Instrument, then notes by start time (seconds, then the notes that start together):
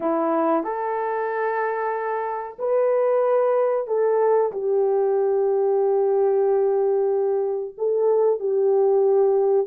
horn
0.00 E4
0.63 A4
2.58 B4
3.87 A4
4.52 G4
7.77 A4
8.39 G4